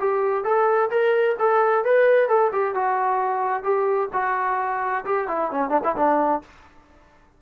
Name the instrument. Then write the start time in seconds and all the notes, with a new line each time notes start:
trombone
0.00 G4
0.44 A4
0.90 A#4
1.39 A4
1.85 B4
2.29 A4
2.52 G4
2.75 F#4
3.63 G4
4.13 F#4
5.05 G4
5.28 E4
5.51 C#4
5.70 D4
5.84 E4
5.96 D4